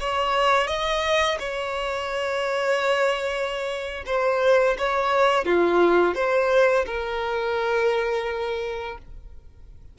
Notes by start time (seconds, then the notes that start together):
0.00 C#5
0.67 D#5
1.39 C#5
4.06 C5
4.78 C#5
5.45 F4
6.15 C5
6.86 A#4